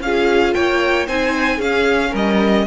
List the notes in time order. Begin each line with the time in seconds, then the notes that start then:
0.00 C#4 F4 G#4 F5
0.53 A#3 C#5 G5
1.07 C4 D#4 C5 G#5
1.57 C#4 G#4 F5
2.10 G3 A#4 D#5